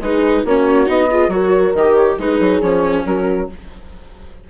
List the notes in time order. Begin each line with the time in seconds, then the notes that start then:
0.00 G#3 D#4 G#4 B4
0.45 A#3 C#4 F#4 C#5
0.87 B3 D#4 D#5
1.10 F4 G#4
1.29 F#3 F#4 A#4 C#5
1.75 D#3 G4 D#5
1.95 C#5
2.18 G#3 D#4 G#4 B4
2.40 F#3
2.61 F3 C#4 C#5
3.06 F#3 F#4 A#4